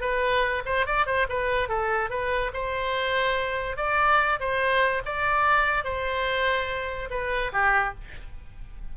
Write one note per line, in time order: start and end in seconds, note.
0.00 0.62 B4
0.65 0.86 C5
0.86 1.06 D5
1.06 1.27 C5
1.29 1.68 B4
1.68 2.09 A4
2.09 2.51 B4
2.53 3.76 C5
3.76 4.39 D5
4.39 5.02 C5
5.05 5.84 D5
5.84 7.09 C5
7.10 7.52 B4
7.52 7.94 G4